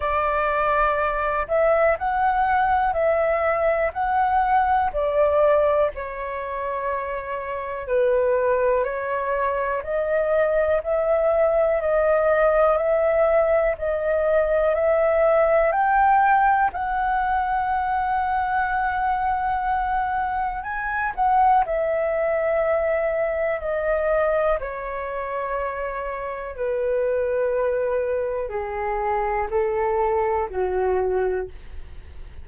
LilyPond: \new Staff \with { instrumentName = "flute" } { \time 4/4 \tempo 4 = 61 d''4. e''8 fis''4 e''4 | fis''4 d''4 cis''2 | b'4 cis''4 dis''4 e''4 | dis''4 e''4 dis''4 e''4 |
g''4 fis''2.~ | fis''4 gis''8 fis''8 e''2 | dis''4 cis''2 b'4~ | b'4 gis'4 a'4 fis'4 | }